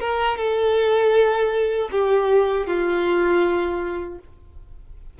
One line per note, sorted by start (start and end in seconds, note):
0.00 0.37 A#4
0.37 1.89 A4
1.91 2.67 G4
2.67 4.19 F4